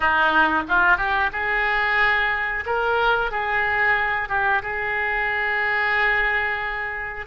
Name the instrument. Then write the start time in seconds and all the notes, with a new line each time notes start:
oboe
0.00 D#4
0.68 F4
0.97 G4
1.32 G#4
2.66 A#4
3.31 G#4
4.29 G4
4.62 G#4